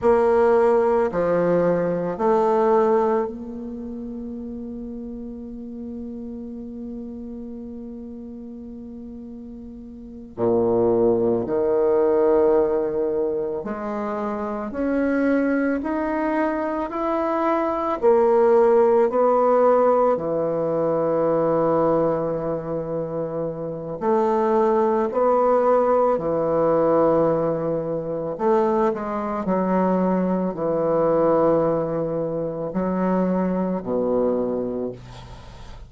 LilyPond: \new Staff \with { instrumentName = "bassoon" } { \time 4/4 \tempo 4 = 55 ais4 f4 a4 ais4~ | ais1~ | ais4. ais,4 dis4.~ | dis8 gis4 cis'4 dis'4 e'8~ |
e'8 ais4 b4 e4.~ | e2 a4 b4 | e2 a8 gis8 fis4 | e2 fis4 b,4 | }